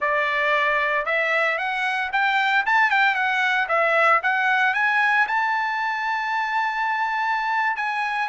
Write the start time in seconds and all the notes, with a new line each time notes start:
0.00 D5
1.05 E5
1.58 F#5
2.12 G5
2.66 A5
2.90 G5
3.14 F#5
3.68 E5
4.22 F#5
4.74 G#5
5.27 A5
7.76 G#5